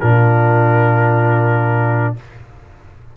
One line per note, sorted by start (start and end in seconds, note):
0.00 2.17 A#2
0.00 2.17 D4
0.00 2.14 F4
0.00 2.14 A#4